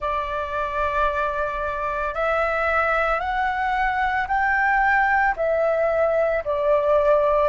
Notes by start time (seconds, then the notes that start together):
0.00 D5
2.14 E5
3.19 F#5
4.27 G5
5.36 E5
6.44 D5